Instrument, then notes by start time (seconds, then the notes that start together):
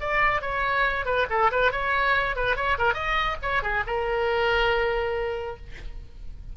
oboe
0.00 D5
0.41 C#5
1.05 B4
1.30 A4
1.51 B4
1.72 C#5
2.35 B4
2.56 C#5
2.78 A#4
2.94 D#5
3.42 C#5
3.62 G#4
3.86 A#4